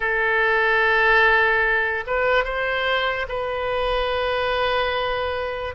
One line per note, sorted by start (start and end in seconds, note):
0.00 2.04 A4
2.07 2.44 B4
2.44 3.26 C5
3.28 5.75 B4